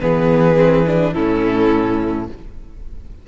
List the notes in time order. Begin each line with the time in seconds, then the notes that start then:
0.00 E3 B3 G#4 B4
0.57 C4
0.87 D4
1.13 A2 C#4 E4 A4